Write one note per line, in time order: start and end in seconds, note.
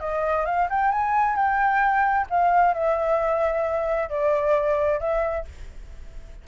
0.00 0.45 D#5
0.46 0.68 F5
0.70 0.92 G5
0.92 1.36 G#5
1.36 2.27 G5
2.30 2.74 F5
2.74 4.10 E5
4.10 5.00 D5
5.00 5.45 E5